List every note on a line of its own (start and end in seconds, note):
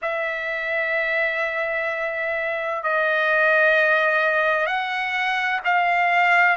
0.02 2.83 E5
2.83 4.66 D#5
4.66 5.60 F#5
5.64 6.56 F5